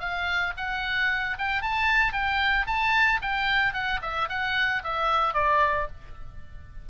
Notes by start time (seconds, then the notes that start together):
0.00 F5
0.57 F#5
1.39 G5
1.62 A5
2.13 G5
2.67 A5
3.22 G5
3.74 F#5
4.02 E5
4.29 F#5
4.84 E5
5.34 D5